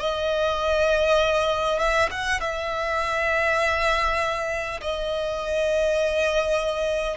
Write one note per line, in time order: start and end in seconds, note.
0.00 1.79 D#5
1.79 2.09 E5
2.11 2.41 F#5
2.41 4.81 E5
4.82 7.18 D#5